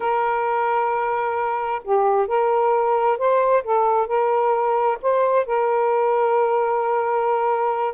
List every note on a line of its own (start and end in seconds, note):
0.00 1.81 A#4
1.84 2.27 G4
2.27 3.17 A#4
3.17 3.63 C5
3.63 4.07 A4
4.07 4.98 A#4
5.02 5.45 C5
5.45 7.94 A#4